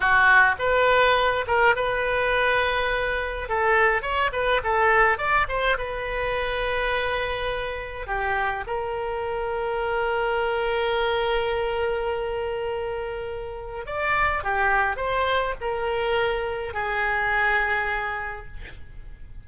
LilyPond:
\new Staff \with { instrumentName = "oboe" } { \time 4/4 \tempo 4 = 104 fis'4 b'4. ais'8 b'4~ | b'2 a'4 cis''8 b'8 | a'4 d''8 c''8 b'2~ | b'2 g'4 ais'4~ |
ais'1~ | ais'1 | d''4 g'4 c''4 ais'4~ | ais'4 gis'2. | }